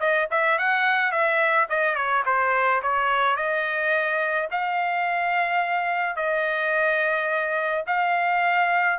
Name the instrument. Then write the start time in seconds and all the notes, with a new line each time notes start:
trumpet
0.00 D#5
0.30 E5
0.58 F#5
1.11 E5
1.69 D#5
1.95 C#5
2.25 C5
2.82 C#5
3.36 D#5
4.51 F5
6.16 D#5
7.87 F5